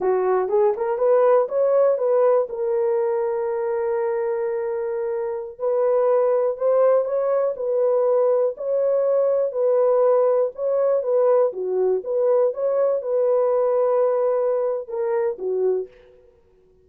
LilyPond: \new Staff \with { instrumentName = "horn" } { \time 4/4 \tempo 4 = 121 fis'4 gis'8 ais'8 b'4 cis''4 | b'4 ais'2.~ | ais'2.~ ais'16 b'8.~ | b'4~ b'16 c''4 cis''4 b'8.~ |
b'4~ b'16 cis''2 b'8.~ | b'4~ b'16 cis''4 b'4 fis'8.~ | fis'16 b'4 cis''4 b'4.~ b'16~ | b'2 ais'4 fis'4 | }